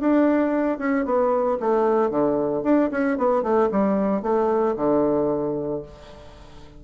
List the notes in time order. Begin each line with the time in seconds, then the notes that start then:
0.00 D4
0.78 C#4
1.05 B3
1.60 A3
2.10 D3
2.63 D4
2.91 C#4
3.18 B3
3.42 A3
3.72 G3
4.22 A3
4.76 D3